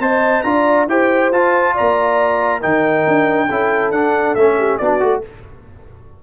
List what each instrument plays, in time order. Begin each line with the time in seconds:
0.00 tuba C4, trombone C5, horn D#5, trumpet A5
0.43 tuba D4, trombone F4, horn D5, trumpet A#5
0.88 tuba E4, trombone G4, horn C5, trumpet G5
1.31 tuba F4, trombone F4, trumpet A5
1.74 tuba A#3, horn D5, trumpet A#5
2.61 tuba D#3, trombone D#4, horn A#4, trumpet G5
3.07 tuba D4
3.47 tuba C#4, trombone E4, horn A4
3.92 tuba D4, trombone D4, trumpet F#5
4.35 tuba A3, trombone C#4, trumpet E5
4.59 horn G4
4.78 tuba B3, trombone D4, horn F#4, trumpet D5
5.01 tuba A3, trombone F#4